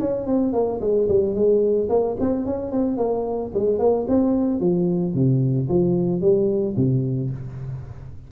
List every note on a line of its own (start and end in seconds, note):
0.00 0.27 C#4
0.27 0.53 C4
0.53 0.80 A#3
0.81 1.08 G#3
1.08 1.35 G3
1.35 1.89 G#3
1.89 2.16 A#3
2.20 2.46 C4
2.46 2.72 C#4
2.72 2.98 C4
2.98 3.52 A#3
3.54 3.79 G#3
3.79 4.06 A#3
4.08 4.60 C4
4.60 5.14 F3
5.14 5.68 C3
5.69 6.21 F3
6.21 6.75 G3
6.76 7.30 C3